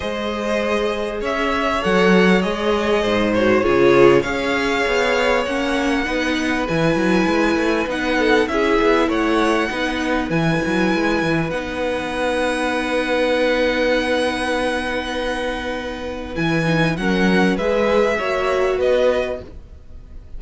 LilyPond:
<<
  \new Staff \with { instrumentName = "violin" } { \time 4/4 \tempo 4 = 99 dis''2 e''4 fis''4 | dis''4. cis''4. f''4~ | f''4 fis''2 gis''4~ | gis''4 fis''4 e''4 fis''4~ |
fis''4 gis''2 fis''4~ | fis''1~ | fis''2. gis''4 | fis''4 e''2 dis''4 | }
  \new Staff \with { instrumentName = "violin" } { \time 4/4 c''2 cis''2~ | cis''4 c''4 gis'4 cis''4~ | cis''2 b'2~ | b'4. a'8 gis'4 cis''4 |
b'1~ | b'1~ | b'1 | ais'4 b'4 cis''4 b'4 | }
  \new Staff \with { instrumentName = "viola" } { \time 4/4 gis'2. a'4 | gis'4. fis'8 f'4 gis'4~ | gis'4 cis'4 dis'4 e'4~ | e'4 dis'4 e'2 |
dis'4 e'2 dis'4~ | dis'1~ | dis'2. e'8 dis'8 | cis'4 gis'4 fis'2 | }
  \new Staff \with { instrumentName = "cello" } { \time 4/4 gis2 cis'4 fis4 | gis4 gis,4 cis4 cis'4 | b4 ais4 b4 e8 fis8 | gis8 a8 b4 cis'8 b8 a4 |
b4 e8 fis8 gis8 e8 b4~ | b1~ | b2. e4 | fis4 gis4 ais4 b4 | }
>>